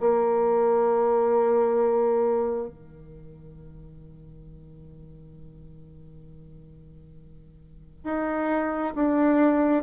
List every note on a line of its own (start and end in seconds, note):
0.00 2.68 A#3
2.68 8.04 D#3
8.04 8.93 D#4
8.95 9.83 D4